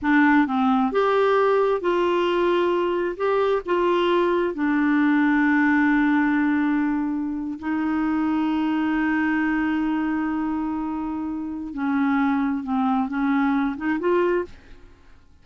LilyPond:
\new Staff \with { instrumentName = "clarinet" } { \time 4/4 \tempo 4 = 133 d'4 c'4 g'2 | f'2. g'4 | f'2 d'2~ | d'1~ |
d'8. dis'2.~ dis'16~ | dis'1~ | dis'2 cis'2 | c'4 cis'4. dis'8 f'4 | }